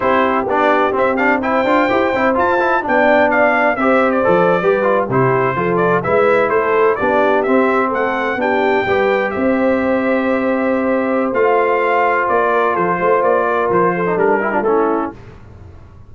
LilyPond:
<<
  \new Staff \with { instrumentName = "trumpet" } { \time 4/4 \tempo 4 = 127 c''4 d''4 e''8 f''8 g''4~ | g''4 a''4 g''4 f''4 | e''8. d''2 c''4~ c''16~ | c''16 d''8 e''4 c''4 d''4 e''16~ |
e''8. fis''4 g''2 e''16~ | e''1 | f''2 d''4 c''4 | d''4 c''4 ais'4 a'4 | }
  \new Staff \with { instrumentName = "horn" } { \time 4/4 g'2. c''4~ | c''2 d''2 | c''4.~ c''16 b'4 g'4 a'16~ | a'8. b'4 a'4 g'4~ g'16~ |
g'8. a'4 g'4 b'4 c''16~ | c''1~ | c''2~ c''8 ais'8 a'8 c''8~ | c''8 ais'4 a'4 g'16 f'16 e'4 | }
  \new Staff \with { instrumentName = "trombone" } { \time 4/4 e'4 d'4 c'8 d'8 e'8 f'8 | g'8 e'8 f'8 e'8 d'2 | g'4 a'8. g'8 f'8 e'4 f'16~ | f'8. e'2 d'4 c'16~ |
c'4.~ c'16 d'4 g'4~ g'16~ | g'1 | f'1~ | f'4.~ f'16 dis'16 d'8 e'16 d'16 cis'4 | }
  \new Staff \with { instrumentName = "tuba" } { \time 4/4 c'4 b4 c'4. d'8 | e'8 c'8 f'4 b2 | c'4 f8. g4 c4 f16~ | f8. gis4 a4 b4 c'16~ |
c'8. a4 b4 g4 c'16~ | c'1 | a2 ais4 f8 a8 | ais4 f4 g4 a4 | }
>>